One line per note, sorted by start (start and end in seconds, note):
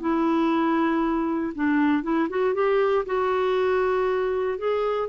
0.00 1.53 E4
1.55 2.03 D4
2.03 2.28 E4
2.29 2.54 F#4
2.54 3.05 G4
3.06 4.58 F#4
4.58 5.08 G#4